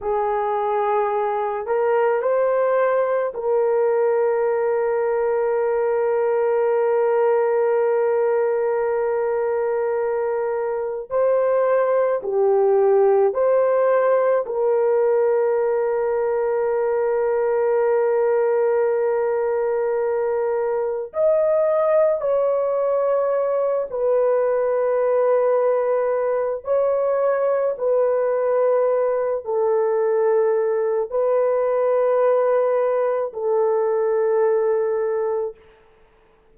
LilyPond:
\new Staff \with { instrumentName = "horn" } { \time 4/4 \tempo 4 = 54 gis'4. ais'8 c''4 ais'4~ | ais'1~ | ais'2 c''4 g'4 | c''4 ais'2.~ |
ais'2. dis''4 | cis''4. b'2~ b'8 | cis''4 b'4. a'4. | b'2 a'2 | }